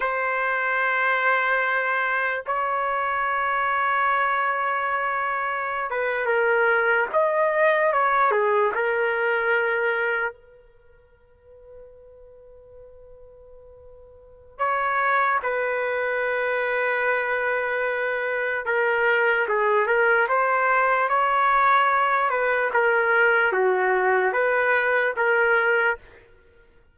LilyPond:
\new Staff \with { instrumentName = "trumpet" } { \time 4/4 \tempo 4 = 74 c''2. cis''4~ | cis''2.~ cis''16 b'8 ais'16~ | ais'8. dis''4 cis''8 gis'8 ais'4~ ais'16~ | ais'8. b'2.~ b'16~ |
b'2 cis''4 b'4~ | b'2. ais'4 | gis'8 ais'8 c''4 cis''4. b'8 | ais'4 fis'4 b'4 ais'4 | }